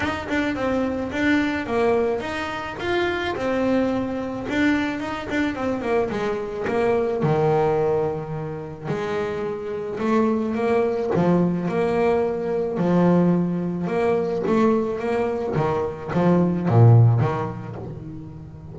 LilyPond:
\new Staff \with { instrumentName = "double bass" } { \time 4/4 \tempo 4 = 108 dis'8 d'8 c'4 d'4 ais4 | dis'4 f'4 c'2 | d'4 dis'8 d'8 c'8 ais8 gis4 | ais4 dis2. |
gis2 a4 ais4 | f4 ais2 f4~ | f4 ais4 a4 ais4 | dis4 f4 ais,4 dis4 | }